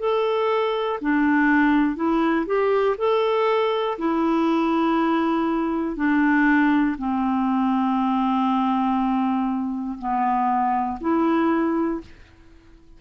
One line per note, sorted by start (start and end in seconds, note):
0.00 1.00 A4
1.01 1.96 D4
1.96 2.46 E4
2.46 2.96 G4
2.98 3.98 A4
3.98 5.96 E4
5.96 6.96 D4
6.98 9.98 C4
9.99 10.99 B3
11.01 12.01 E4